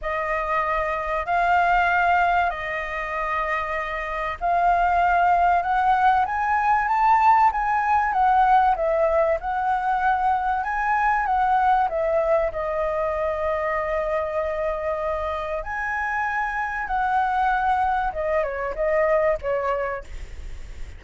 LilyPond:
\new Staff \with { instrumentName = "flute" } { \time 4/4 \tempo 4 = 96 dis''2 f''2 | dis''2. f''4~ | f''4 fis''4 gis''4 a''4 | gis''4 fis''4 e''4 fis''4~ |
fis''4 gis''4 fis''4 e''4 | dis''1~ | dis''4 gis''2 fis''4~ | fis''4 dis''8 cis''8 dis''4 cis''4 | }